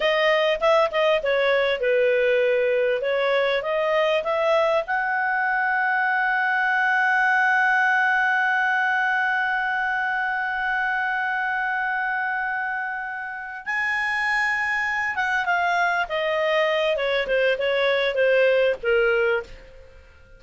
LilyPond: \new Staff \with { instrumentName = "clarinet" } { \time 4/4 \tempo 4 = 99 dis''4 e''8 dis''8 cis''4 b'4~ | b'4 cis''4 dis''4 e''4 | fis''1~ | fis''1~ |
fis''1~ | fis''2~ fis''8 gis''4.~ | gis''4 fis''8 f''4 dis''4. | cis''8 c''8 cis''4 c''4 ais'4 | }